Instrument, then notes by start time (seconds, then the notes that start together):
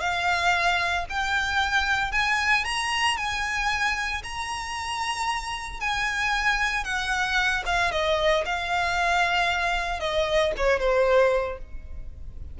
violin
0.00 F5
1.09 G5
2.12 G#5
2.65 A#5
3.17 G#5
4.23 A#5
5.80 G#5
6.84 F#5
7.66 F5
7.91 D#5
8.45 F5
10.00 D#5
10.57 C#5
10.79 C5